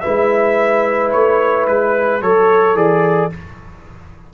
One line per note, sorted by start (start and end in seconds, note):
0.00 2.21 E4
0.00 2.20 B4
0.00 1.09 E5
0.07 1.13 G#3
1.11 1.67 A3
1.11 1.66 C#5
1.67 2.21 G#3
1.67 2.22 B4
2.21 2.75 F#3
2.21 2.75 A4
2.21 3.33 A4
2.21 2.76 C#5
2.75 3.29 E3
2.75 3.29 G#4
2.75 3.31 D5